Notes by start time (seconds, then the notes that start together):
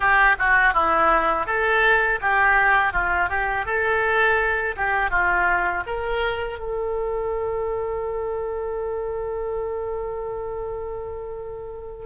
0.00 G4
0.39 F#4
0.73 E4
1.46 A4
2.21 G4
2.93 F4
3.29 G4
3.66 A4
4.76 G4
5.10 F4
5.86 A#4
6.59 A4